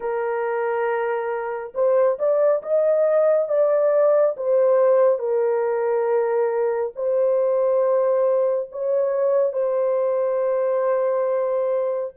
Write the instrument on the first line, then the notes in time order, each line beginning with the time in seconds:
horn
0.00 A#4
1.74 C5
2.18 D5
2.62 D#5
3.48 D5
4.36 C5
5.19 A#4
6.95 C5
8.71 C#5
9.52 C5